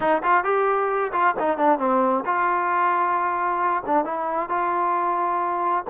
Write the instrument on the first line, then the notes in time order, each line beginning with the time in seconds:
trombone
0.00 D#4
0.23 F4
0.44 G4
1.12 F4
1.39 D#4
1.57 D4
1.79 C4
2.25 F4
3.86 D4
4.05 E4
4.49 F4